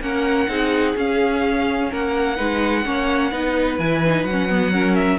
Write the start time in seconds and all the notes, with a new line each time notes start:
0.00 A#3 C#4 A#4 F#5
0.48 C4 D#4 G#4
0.96 C#4 F5
1.91 A#3 A#4 F#5
2.36 G#3 D#4 B4
2.85 A#3 C#4 C#5
3.31 B3 D#4 B4
3.78 E3 E4 G#5
4.06 D#4
4.24 F#3 F#5
4.31 C#4
4.49 B3
4.72 C#4 A#4
4.95 E5